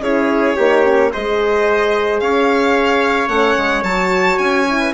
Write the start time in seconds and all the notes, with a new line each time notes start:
0.00 C#4 E4 G#4 C#5
0.56 A#3 D#4 G4
0.85 C#4
1.13 G#3 G#4 C5 D#5
2.20 C#4 C#5 F5
3.29 A3 C#4 F#5
3.58 G#3
3.83 F#3 F#4 A5
4.39 C#4 G#5
4.68 E4
4.80 B4